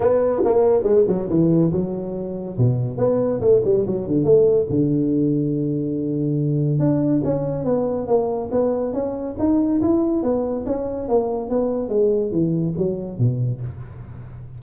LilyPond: \new Staff \with { instrumentName = "tuba" } { \time 4/4 \tempo 4 = 141 b4 ais4 gis8 fis8 e4 | fis2 b,4 b4 | a8 g8 fis8 d8 a4 d4~ | d1 |
d'4 cis'4 b4 ais4 | b4 cis'4 dis'4 e'4 | b4 cis'4 ais4 b4 | gis4 e4 fis4 b,4 | }